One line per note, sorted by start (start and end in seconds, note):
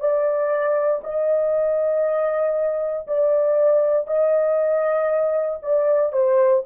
0.00 1.02 D5
1.04 3.07 D#5
3.07 4.07 D5
4.07 5.60 D#5
5.63 6.13 D5
6.13 6.64 C5